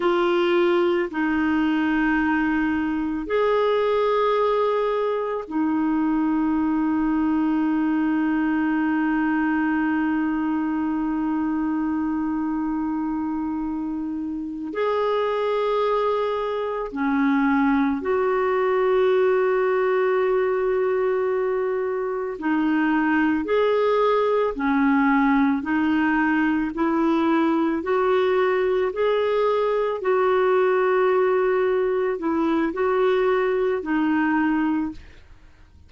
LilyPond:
\new Staff \with { instrumentName = "clarinet" } { \time 4/4 \tempo 4 = 55 f'4 dis'2 gis'4~ | gis'4 dis'2.~ | dis'1~ | dis'4. gis'2 cis'8~ |
cis'8 fis'2.~ fis'8~ | fis'8 dis'4 gis'4 cis'4 dis'8~ | dis'8 e'4 fis'4 gis'4 fis'8~ | fis'4. e'8 fis'4 dis'4 | }